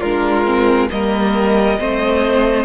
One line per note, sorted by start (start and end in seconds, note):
0.00 0.90 G#3
0.00 0.45 D4
0.00 0.88 F4
0.00 0.89 A#4
0.45 0.89 C4
0.90 1.80 G3
0.90 1.78 A#3
0.90 1.79 A#4
0.90 2.65 D#5
1.79 2.65 A3
1.79 2.65 C4
1.79 2.65 C5